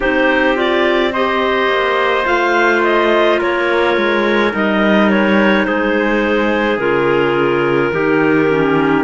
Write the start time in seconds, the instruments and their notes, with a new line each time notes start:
0.00 cello C4, clarinet D#4 C5, trumpet G4
0.55 clarinet F4 D5
1.12 clarinet G4 D#5, trumpet C5
1.67 cello A#3
2.25 cello A3, clarinet F4 F5
2.83 clarinet D#5
3.38 cello A#3, trumpet A#4, clarinet C#5
3.96 cello G#3
4.51 cello G3, clarinet D#4 D#5
5.10 clarinet C#5
5.65 cello G#3, trumpet G#4, clarinet C5
6.77 cello C#3, clarinet F4 A#4
7.92 cello D#3, clarinet D#4, trumpet G4
8.50 clarinet C#4